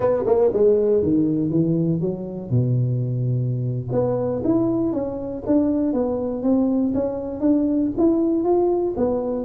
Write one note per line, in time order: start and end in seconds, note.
0.00 0.23 B3
0.26 0.51 A#3
0.53 1.02 G#3
1.02 1.50 D#3
1.50 2.00 E3
2.00 2.50 F#3
2.50 3.88 B2
3.92 4.42 B3
4.44 4.92 E4
4.92 5.43 C#4
5.46 5.93 D4
5.93 6.42 B3
6.42 6.93 C4
6.94 7.40 C#4
7.40 7.90 D4
7.97 8.44 E4
8.44 8.94 F4
8.97 9.45 B3